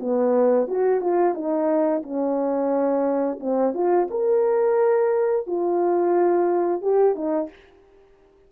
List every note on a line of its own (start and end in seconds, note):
0.00 0.68 B3
0.68 1.01 F#4
1.01 1.35 F4
1.35 2.03 D#4
2.03 3.40 C#4
3.40 3.74 C4
3.74 4.08 F4
4.11 5.47 A#4
5.47 6.82 F4
6.82 7.16 G4
7.16 7.50 D#4